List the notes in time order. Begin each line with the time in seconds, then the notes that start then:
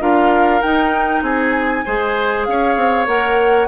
0.00 D4 F4 A#4 F5
0.61 D#4 G5
1.22 C4 G#4 G#5
1.85 G#3 G#4 C5
2.45 C#4 C#5 F5
2.76 C4
3.07 A#3 A#4 F#5